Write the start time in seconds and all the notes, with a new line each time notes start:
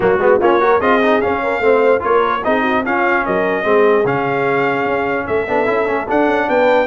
0.00 F#3 A#3 F#4
0.18 G#3 B3
0.40 A#3 C#4 F4 C#5
0.60 F#4 A#4
0.79 C4 F4 G#4 D#5
1.02 D#4
1.21 C#4 F5
1.43 A#4
1.59 A3 C4 C5
1.99 A#3 F4 A#4 C#5
2.44 C4 D#4 G#4 D#5
2.61 F#4
2.84 C#4 F4 F5
3.25 F#3 A#4 D#5
3.63 G#3 C4 G#4
4.04 C#3 C#4 F5
4.84 C#4
5.26 A3 A4 E5
5.47 B3 D4
5.66 C#4 E4
5.86 A3 C#4
6.08 D4 F#5
6.26 C#4
6.47 B3 B4 G5